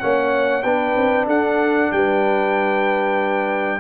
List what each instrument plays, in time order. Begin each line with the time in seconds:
0.00 tuba A#3, trombone C#4, horn C#5, trumpet F#5
0.62 tuba B3, trombone D4, horn B4, trumpet G5
0.97 tuba C4
1.27 tuba D4, horn A4, trumpet F#5
1.92 tuba G3, horn B4, trumpet G5